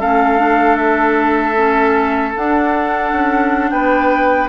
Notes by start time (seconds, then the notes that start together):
0.00 A3 C#4 A4 F5
0.38 D4
0.76 E5
1.55 C#4
2.36 D4 F#5
3.12 C#4
3.70 B3 B4 G5